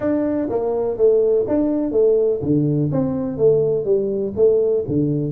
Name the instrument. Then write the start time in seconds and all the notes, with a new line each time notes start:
tuba
0.00 D4
0.49 A#3
0.97 A3
1.47 D4
1.91 A3
2.42 D3
2.91 C4
3.37 A3
3.84 G3
4.36 A3
4.87 D3